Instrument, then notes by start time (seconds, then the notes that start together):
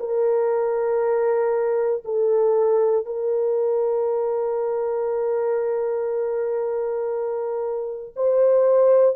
horn
0.00 A#4
2.05 A4
3.06 A#4
8.16 C5